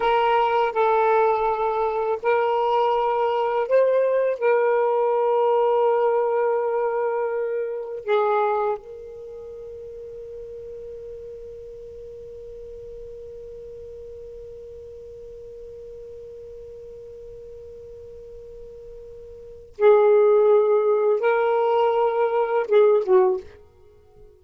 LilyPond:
\new Staff \with { instrumentName = "saxophone" } { \time 4/4 \tempo 4 = 82 ais'4 a'2 ais'4~ | ais'4 c''4 ais'2~ | ais'2. gis'4 | ais'1~ |
ais'1~ | ais'1~ | ais'2. gis'4~ | gis'4 ais'2 gis'8 fis'8 | }